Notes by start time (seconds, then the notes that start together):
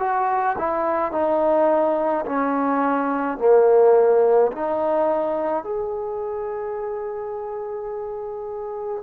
0.00 F#4
0.59 E4
1.12 D#4
2.26 C#4
3.39 A#3
4.52 D#4
5.64 G#4